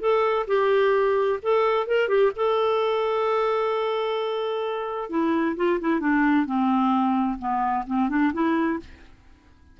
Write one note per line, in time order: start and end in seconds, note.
0.00 0.46 A4
0.47 1.40 G4
1.42 1.87 A4
1.87 2.09 A#4
2.09 2.32 G4
2.36 5.10 A4
5.10 5.56 E4
5.56 5.79 F4
5.80 6.00 E4
6.00 6.46 D4
6.46 7.38 C4
7.39 7.85 B3
7.87 8.09 C4
8.09 8.32 D4
8.33 8.79 E4